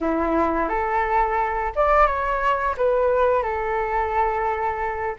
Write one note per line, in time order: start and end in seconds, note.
0.00 0.68 E4
0.68 1.72 A4
1.75 2.06 D5
2.06 2.75 C#5
2.77 3.43 B4
3.43 5.15 A4